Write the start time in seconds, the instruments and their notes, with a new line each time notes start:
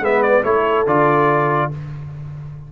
0.00 tuba G#3, trombone B3, horn B4, trumpet E5
0.22 trumpet D5
0.44 tuba A3, trombone E4, horn A4, trumpet C#5
0.86 tuba D3, trombone F4, trumpet D5